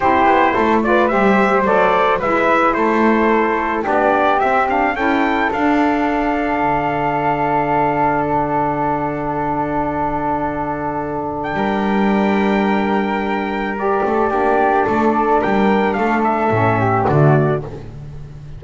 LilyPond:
<<
  \new Staff \with { instrumentName = "trumpet" } { \time 4/4 \tempo 4 = 109 c''4. d''8 e''4 d''4 | e''4 c''2 d''4 | e''8 f''8 g''4 f''2~ | f''2. fis''4~ |
fis''1~ | fis''8. g''2.~ g''16~ | g''4 d''2. | g''4 f''8 e''4. d''4 | }
  \new Staff \with { instrumentName = "flute" } { \time 4/4 g'4 a'8 b'8 c''2 | b'4 a'2 g'4~ | g'4 a'2.~ | a'1~ |
a'1~ | a'4 ais'2.~ | ais'4. a'8 g'4 a'4 | ais'4 a'4. g'8 fis'4 | }
  \new Staff \with { instrumentName = "saxophone" } { \time 4/4 e'4. f'8 g'4 a'4 | e'2. d'4 | c'8 d'8 e'4 d'2~ | d'1~ |
d'1~ | d'1~ | d'4 g'4 d'2~ | d'2 cis'4 a4 | }
  \new Staff \with { instrumentName = "double bass" } { \time 4/4 c'8 b8 a4 g4 fis4 | gis4 a2 b4 | c'4 cis'4 d'2 | d1~ |
d1~ | d4 g2.~ | g4. a8 ais4 a4 | g4 a4 a,4 d4 | }
>>